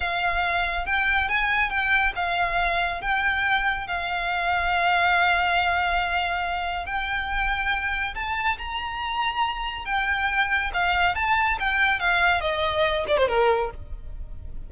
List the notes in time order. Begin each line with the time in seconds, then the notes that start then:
0.00 F5
0.86 G5
1.28 G#5
1.70 G5
2.15 F5
3.01 G5
3.87 F5
6.86 G5
8.14 A5
8.58 A#5
9.85 G5
10.73 F5
11.15 A5
11.59 G5
11.99 F5
12.41 D#5
13.07 D5
13.17 C5
13.28 A#4